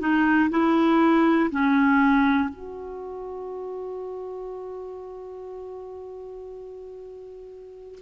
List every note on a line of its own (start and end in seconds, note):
0.00 0.50 D#4
0.51 1.51 E4
1.51 2.50 C#4
2.50 8.00 F#4